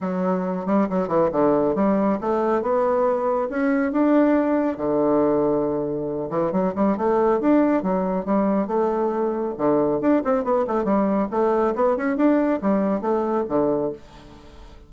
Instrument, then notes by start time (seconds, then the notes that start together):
bassoon
0.01 F#3
0.66 G3
0.89 F#3
1.08 E3
1.32 D3
1.75 G3
2.20 A3
2.61 B3
3.49 C#4
3.92 D4
4.77 D3
6.30 E3
6.52 F#3
6.75 G3
6.97 A3
7.40 D4
7.82 F#3
8.25 G3
8.67 A3
9.57 D3
10.00 D4
10.24 C4
10.43 B3
10.67 A3
10.84 G3
11.30 A3
11.75 B3
11.96 C#4
12.16 D4
12.61 G3
13.01 A3
13.48 D3